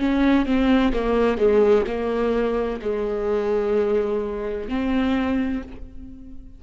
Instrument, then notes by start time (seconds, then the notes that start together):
viola
0.00 C#4
0.46 C4
0.93 A#3
1.38 G#3
1.87 A#3
2.82 G#3
4.69 C4